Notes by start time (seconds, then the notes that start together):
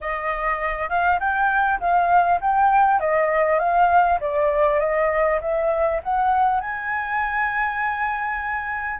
0.01 D#5
0.89 F5
1.19 G5
1.80 F5
2.40 G5
3.00 D#5
3.59 F5
4.20 D5
4.79 D#5
5.41 E5
6.03 F#5
6.60 G#5